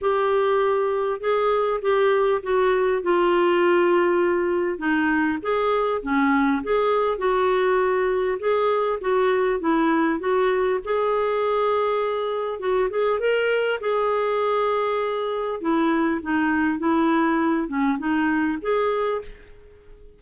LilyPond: \new Staff \with { instrumentName = "clarinet" } { \time 4/4 \tempo 4 = 100 g'2 gis'4 g'4 | fis'4 f'2. | dis'4 gis'4 cis'4 gis'4 | fis'2 gis'4 fis'4 |
e'4 fis'4 gis'2~ | gis'4 fis'8 gis'8 ais'4 gis'4~ | gis'2 e'4 dis'4 | e'4. cis'8 dis'4 gis'4 | }